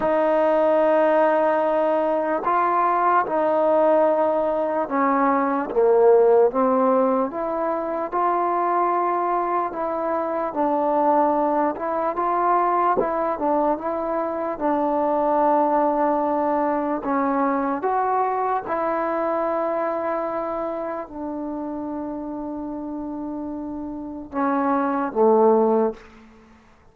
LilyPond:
\new Staff \with { instrumentName = "trombone" } { \time 4/4 \tempo 4 = 74 dis'2. f'4 | dis'2 cis'4 ais4 | c'4 e'4 f'2 | e'4 d'4. e'8 f'4 |
e'8 d'8 e'4 d'2~ | d'4 cis'4 fis'4 e'4~ | e'2 d'2~ | d'2 cis'4 a4 | }